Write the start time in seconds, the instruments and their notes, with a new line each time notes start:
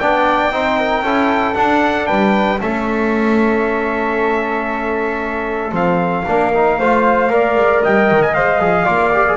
0.00 double bass B3, trombone D4, flute D5, trumpet G5
0.52 double bass C4, trombone D#4, flute C5
0.79 flute A#4
1.03 double bass C#4, trombone E4, flute A4
1.55 trombone D4, double bass D4, trumpet F#5
2.07 double bass G3, flute B4, trumpet G5
2.61 double bass A3, trombone C#4, flute A4, trumpet E5
5.72 double bass F3, trombone C4, trumpet F5
6.27 double bass A#3, trombone D4, flute A#4
6.54 trombone D#4
6.80 double bass A3, trombone F4, flute C5
7.29 double bass A#3, trombone A#4, flute D5
7.55 double bass G#3
7.83 double bass G3, flute D#5, trumpet G5
8.12 double bass D#3
8.23 trumpet G#5
8.34 double bass G#3, trombone C5, trumpet F5
8.60 double bass F3, trombone G#4
8.85 double bass A#3, trombone F4, flute D5
9.13 trombone G4
9.28 trombone G#4